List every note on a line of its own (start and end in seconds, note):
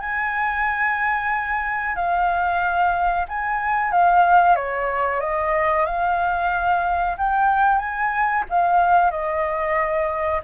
0.00 1.96 G#5
1.96 3.26 F5
3.28 3.92 G#5
3.92 4.56 F5
4.56 5.21 C#5
5.21 5.86 D#5
5.86 7.16 F5
7.17 7.79 G5
7.79 8.44 G#5
8.50 9.11 F5
9.11 10.41 D#5